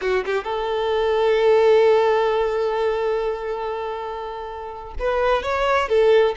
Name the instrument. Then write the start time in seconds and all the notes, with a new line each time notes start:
violin
0.01 F#4
0.25 G4
0.44 A4
4.99 B4
5.43 C#5
5.88 A4